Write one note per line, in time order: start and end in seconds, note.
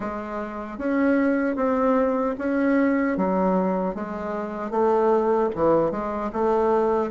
0.00 0.78 G#3
0.78 1.56 C#4
1.56 2.35 C4
2.38 3.17 C#4
3.17 3.94 F#3
3.94 4.70 G#3
4.70 5.49 A3
5.55 5.91 E3
5.91 6.31 G#3
6.32 7.10 A3